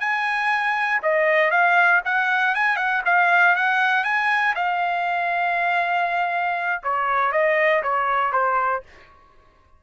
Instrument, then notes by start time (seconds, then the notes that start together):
trumpet
0.00 G#5
1.02 D#5
1.51 F5
2.05 F#5
2.55 G#5
2.76 F#5
3.05 F5
3.56 F#5
4.04 G#5
4.55 F5
6.83 C#5
7.32 D#5
7.83 C#5
8.32 C5